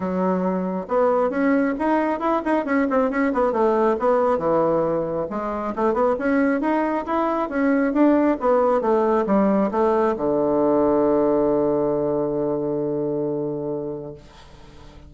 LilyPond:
\new Staff \with { instrumentName = "bassoon" } { \time 4/4 \tempo 4 = 136 fis2 b4 cis'4 | dis'4 e'8 dis'8 cis'8 c'8 cis'8 b8 | a4 b4 e2 | gis4 a8 b8 cis'4 dis'4 |
e'4 cis'4 d'4 b4 | a4 g4 a4 d4~ | d1~ | d1 | }